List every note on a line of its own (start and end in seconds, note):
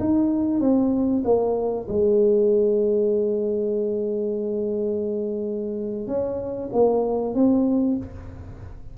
0.00 0.61 D#4
0.61 1.23 C4
1.25 1.88 A#3
1.89 6.08 G#3
6.08 6.70 C#4
6.73 7.35 A#3
7.35 7.97 C4